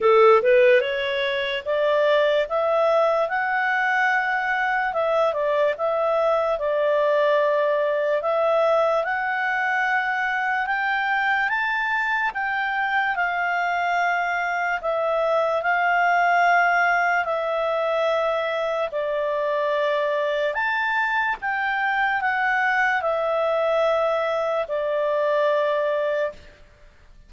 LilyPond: \new Staff \with { instrumentName = "clarinet" } { \time 4/4 \tempo 4 = 73 a'8 b'8 cis''4 d''4 e''4 | fis''2 e''8 d''8 e''4 | d''2 e''4 fis''4~ | fis''4 g''4 a''4 g''4 |
f''2 e''4 f''4~ | f''4 e''2 d''4~ | d''4 a''4 g''4 fis''4 | e''2 d''2 | }